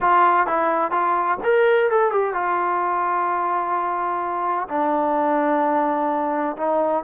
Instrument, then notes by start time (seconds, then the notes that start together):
trombone
0.00 F4
0.46 E4
0.91 F4
1.43 A#4
1.90 A4
2.11 G4
2.33 F4
4.69 D4
6.56 D#4